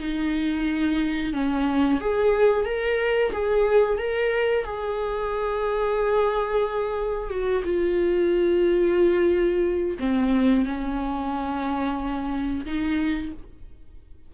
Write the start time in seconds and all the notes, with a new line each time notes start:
0.00 D#4
1.34 C#4
2.00 G#4
2.65 A#4
3.32 G#4
3.98 A#4
4.65 G#4
7.30 F#4
7.64 F4
9.99 C4
10.65 C#4
12.66 D#4